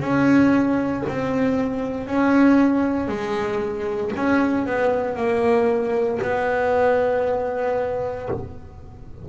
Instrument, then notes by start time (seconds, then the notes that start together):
double bass
0.00 C#4
1.08 C4
2.06 C#4
3.08 G#3
4.16 C#4
4.66 B3
5.16 A#3
6.22 B3